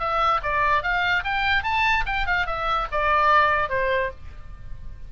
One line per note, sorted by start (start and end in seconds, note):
0.00 0.41 E5
0.43 0.83 D5
0.83 1.24 F5
1.24 1.64 G5
1.64 2.05 A5
2.06 2.27 G5
2.27 2.47 F5
2.47 2.88 E5
2.92 3.70 D5
3.70 4.11 C5